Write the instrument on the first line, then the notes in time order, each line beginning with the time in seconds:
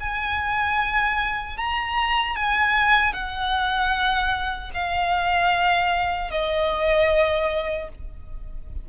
violin
0.00 G#5
1.57 A#5
2.36 G#5
3.13 F#5
4.74 F5
6.31 D#5